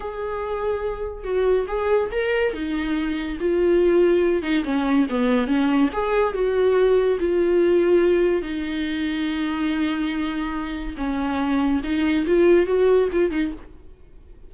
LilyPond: \new Staff \with { instrumentName = "viola" } { \time 4/4 \tempo 4 = 142 gis'2. fis'4 | gis'4 ais'4 dis'2 | f'2~ f'8 dis'8 cis'4 | b4 cis'4 gis'4 fis'4~ |
fis'4 f'2. | dis'1~ | dis'2 cis'2 | dis'4 f'4 fis'4 f'8 dis'8 | }